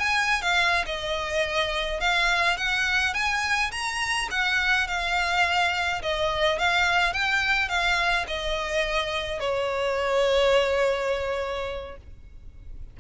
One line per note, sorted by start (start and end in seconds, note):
0.00 0.43 G#5
0.43 0.85 F5
0.86 2.01 D#5
2.01 2.58 F5
2.58 3.15 F#5
3.15 3.72 G#5
3.72 4.29 A#5
4.31 4.88 F#5
4.88 6.02 F5
6.03 6.59 D#5
6.59 7.14 F5
7.14 7.69 G5
7.69 8.26 F5
8.28 9.41 D#5
9.41 11.98 C#5